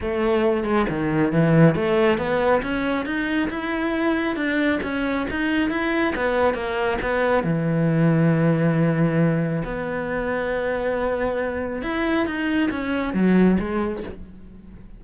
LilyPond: \new Staff \with { instrumentName = "cello" } { \time 4/4 \tempo 4 = 137 a4. gis8 dis4 e4 | a4 b4 cis'4 dis'4 | e'2 d'4 cis'4 | dis'4 e'4 b4 ais4 |
b4 e2.~ | e2 b2~ | b2. e'4 | dis'4 cis'4 fis4 gis4 | }